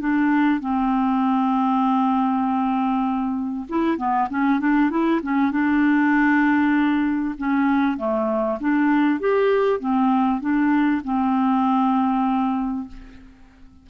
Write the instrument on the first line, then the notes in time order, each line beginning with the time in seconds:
clarinet
0.00 D4
0.61 C4
3.69 E4
3.98 B3
4.30 C#4
4.60 D4
4.90 E4
5.23 C#4
5.52 D4
7.38 C#4
7.98 A3
8.60 D4
9.20 G4
9.80 C4
10.41 D4
11.05 C4